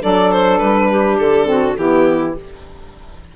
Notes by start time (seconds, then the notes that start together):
0.00 F#3 D4 A4 D5
0.31 C5
0.58 G3 B4
0.90 G4
1.18 D3 A4
1.45 C4 F#4
1.77 E3 B3 E4 G4